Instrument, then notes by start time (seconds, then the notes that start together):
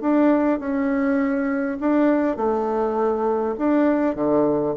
bassoon
0.00 D4
0.59 C#4
1.80 D4
2.36 A3
3.58 D4
4.15 D3